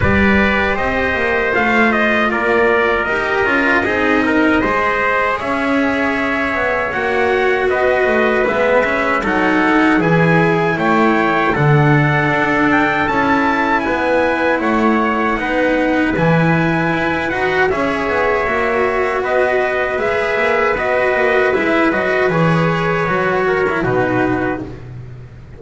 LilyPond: <<
  \new Staff \with { instrumentName = "trumpet" } { \time 4/4 \tempo 4 = 78 d''4 dis''4 f''8 dis''8 d''4 | dis''2. e''4~ | e''4 fis''4 dis''4 e''4 | fis''4 gis''4 g''4 fis''4~ |
fis''8 g''8 a''4 gis''4 fis''4~ | fis''4 gis''4. fis''8 e''4~ | e''4 dis''4 e''4 dis''4 | e''8 dis''8 cis''2 b'4 | }
  \new Staff \with { instrumentName = "trumpet" } { \time 4/4 b'4 c''2 ais'4~ | ais'4 gis'8 ais'8 c''4 cis''4~ | cis''2 b'2 | a'4 gis'4 cis''4 a'4~ |
a'2 b'4 cis''4 | b'2. cis''4~ | cis''4 b'2.~ | b'2~ b'8 ais'8 fis'4 | }
  \new Staff \with { instrumentName = "cello" } { \time 4/4 g'2 f'2 | g'8 f'8 dis'4 gis'2~ | gis'4 fis'2 b8 cis'8 | dis'4 e'2 d'4~ |
d'4 e'2. | dis'4 e'4. fis'8 gis'4 | fis'2 gis'4 fis'4 | e'8 fis'8 gis'4 fis'8. e'16 dis'4 | }
  \new Staff \with { instrumentName = "double bass" } { \time 4/4 g4 c'8 ais8 a4 ais4 | dis'8 cis'8 c'4 gis4 cis'4~ | cis'8 b8 ais4 b8 a8 gis4 | fis4 e4 a4 d4 |
d'4 cis'4 b4 a4 | b4 e4 e'8 dis'8 cis'8 b8 | ais4 b4 gis8 ais8 b8 ais8 | gis8 fis8 e4 fis4 b,4 | }
>>